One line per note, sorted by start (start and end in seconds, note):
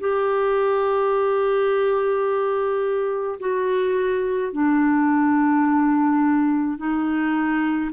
0.00 3.40 G4
3.40 4.53 F#4
4.53 6.78 D4
6.78 7.91 D#4